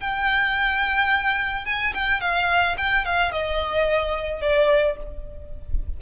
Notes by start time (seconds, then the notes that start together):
0.00 G5
1.65 G#5
1.94 G5
2.20 F5
2.77 G5
3.05 F5
3.32 D#5
4.41 D5